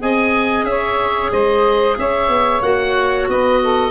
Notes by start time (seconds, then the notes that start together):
0.00 C4 G#4 D#5 G#5
0.63 C#4 C#5 E5
1.31 G#3 C5 D#5
1.98 C#4 C#5 E5
2.29 B3
2.62 A#3 F#4 F#5
3.28 B3 B4 D#5
3.62 A4